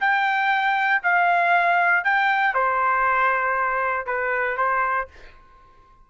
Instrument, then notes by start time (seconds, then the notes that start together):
trumpet
0.00 G5
1.03 F5
2.04 G5
2.54 C5
4.06 B4
4.57 C5